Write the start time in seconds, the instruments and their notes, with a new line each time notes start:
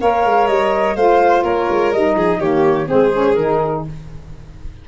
0.00 tuba A#3, saxophone A#4, violin C#5, flute F5
0.24 tuba G#3
0.47 tuba G3, flute D#5
0.95 tuba A3, saxophone F4, violin C5, flute F5
1.43 tuba A#3, violin A#4, flute C#5
1.70 tuba G#3
1.92 tuba G3, saxophone D#4, flute D#5
2.15 tuba F3, violin G#4
2.38 tuba D#3, saxophone A#3, violin G4, flute C#5
2.87 tuba G#3, saxophone C4, violin G#4, flute C5
3.12 saxophone C#4
3.34 tuba D#3, saxophone D#4, flute A#4